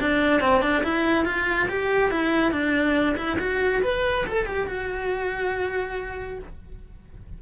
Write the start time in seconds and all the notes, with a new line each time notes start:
0.00 D4
0.41 C4
0.61 D4
0.83 E4
1.25 F4
1.69 G4
2.11 E4
2.51 D4
3.16 E4
3.39 F#4
3.82 B4
4.26 A4
4.46 G4
4.67 F#4